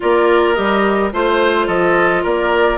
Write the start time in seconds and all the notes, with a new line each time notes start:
0.00 A#3 F4 A#4 D5
0.54 G3 G4 D#5
1.12 A3 F4 C5
1.67 F3 A4 D#5
2.22 A#3 A#4 D5